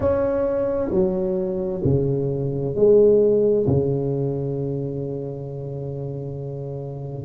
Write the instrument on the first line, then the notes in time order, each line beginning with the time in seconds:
tuba
0.00 C#4
0.90 F#3
1.84 C#3
2.75 G#3
3.67 C#3